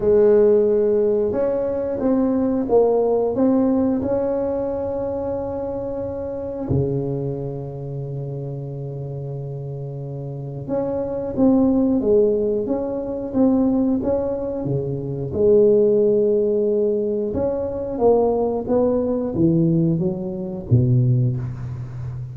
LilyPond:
\new Staff \with { instrumentName = "tuba" } { \time 4/4 \tempo 4 = 90 gis2 cis'4 c'4 | ais4 c'4 cis'2~ | cis'2 cis2~ | cis1 |
cis'4 c'4 gis4 cis'4 | c'4 cis'4 cis4 gis4~ | gis2 cis'4 ais4 | b4 e4 fis4 b,4 | }